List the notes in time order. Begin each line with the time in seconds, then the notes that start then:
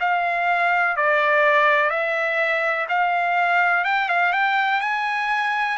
0.00 F5
0.96 D5
1.90 E5
2.89 F5
3.84 G5
4.09 F5
4.33 G5
4.81 G#5